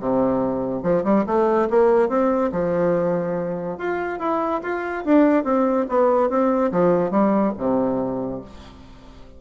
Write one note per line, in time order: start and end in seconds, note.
0.00 0.83 C3
0.83 1.04 F3
1.04 1.25 G3
1.27 1.69 A3
1.70 2.09 A#3
2.09 2.51 C4
2.52 3.78 F3
3.78 4.19 F4
4.19 4.61 E4
4.63 5.05 F4
5.05 5.44 D4
5.44 5.86 C4
5.89 6.30 B3
6.30 6.72 C4
6.72 7.11 F3
7.11 7.53 G3
7.58 8.41 C3